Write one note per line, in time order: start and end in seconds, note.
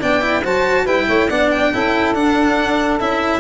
0.00 0.45 B3
0.00 0.21 D4
0.00 0.43 D5
0.00 0.45 G5
0.21 0.43 E4
0.43 0.87 F#3
0.43 0.87 F#4
0.43 0.84 C5
0.43 0.87 A5
0.84 1.08 G3
0.84 1.29 E4
0.84 1.05 B4
0.84 1.29 G5
1.07 1.30 A3
1.07 1.28 C#5
1.28 1.72 B3
1.28 1.73 D4
1.28 1.71 D5
1.28 1.51 F#5
1.51 2.14 G5
1.72 2.15 C#4
1.72 2.15 E4
1.72 3.40 A4
2.15 3.00 D4
2.15 3.00 F#5
3.00 3.40 C#4
3.00 3.40 E4
3.00 3.40 E5